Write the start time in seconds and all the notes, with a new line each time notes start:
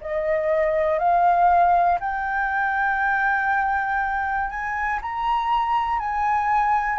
0.00 D#5
0.99 F5
2.00 G5
4.50 G#5
5.01 A#5
5.99 G#5